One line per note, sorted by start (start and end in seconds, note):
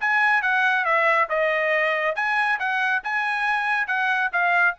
0.00 0.42 G#5
0.42 0.85 F#5
0.85 1.28 E5
1.29 2.15 D#5
2.15 2.59 G#5
2.59 3.02 F#5
3.03 3.87 G#5
3.87 4.30 F#5
4.32 4.75 F5